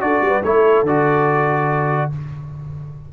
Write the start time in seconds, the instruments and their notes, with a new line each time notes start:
0.00 tuba D4, trombone F#4, horn A4, trumpet D5
0.21 tuba G3
0.27 horn B4
0.43 tuba A3, trombone E4, horn A4, trumpet C#5
0.83 tuba D3, trombone F#4, trumpet D5